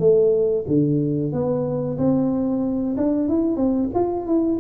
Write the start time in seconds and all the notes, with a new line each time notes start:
0.00 A3
0.68 D3
1.33 B3
1.98 C4
2.97 D4
3.29 E4
3.57 C4
3.95 F4
4.27 E4